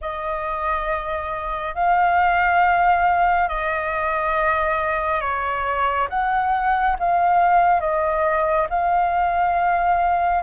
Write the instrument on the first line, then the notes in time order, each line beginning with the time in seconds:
flute
0.01 D#5
1.74 F5
3.48 D#5
5.20 C#5
6.09 F#5
6.99 F5
7.80 D#5
8.69 F5